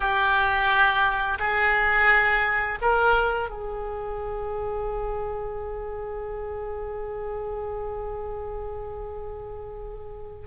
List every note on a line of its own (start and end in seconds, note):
0.00 1.38 G4
1.39 2.78 G#4
2.81 3.49 A#4
3.49 10.47 G#4